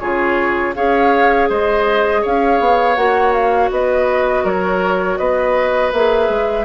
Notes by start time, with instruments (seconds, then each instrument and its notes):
0.00 bassoon C#3, clarinet F4, oboe G#4, flute C#5
0.75 bassoon C#4, clarinet G#4, oboe C#5, flute F5
1.49 bassoon G#3, oboe C5, flute D#5
2.22 bassoon C#4, oboe C#5, flute F5
2.60 bassoon B3
2.96 bassoon A#3, clarinet F#4, flute F#5
3.33 flute F5
3.71 bassoon B3, oboe B4, flute D#5
4.44 bassoon F#3, oboe A#4, flute C#5
5.18 bassoon B3, oboe B4, flute D#5
5.93 bassoon A#3, clarinet G#4, flute E5
6.29 bassoon G#3